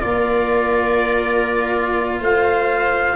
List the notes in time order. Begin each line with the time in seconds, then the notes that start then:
0.00 A#3 F4 A#4 D5
2.19 A3 C5 F5